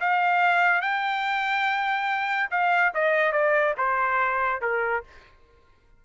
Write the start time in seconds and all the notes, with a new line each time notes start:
0.00 F5
0.81 G5
2.51 F5
2.94 D#5
3.32 D5
3.77 C5
4.61 A#4